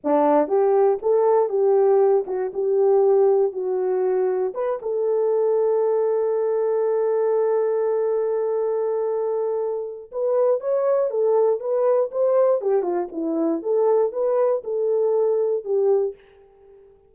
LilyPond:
\new Staff \with { instrumentName = "horn" } { \time 4/4 \tempo 4 = 119 d'4 g'4 a'4 g'4~ | g'8 fis'8 g'2 fis'4~ | fis'4 b'8 a'2~ a'8~ | a'1~ |
a'1 | b'4 cis''4 a'4 b'4 | c''4 g'8 f'8 e'4 a'4 | b'4 a'2 g'4 | }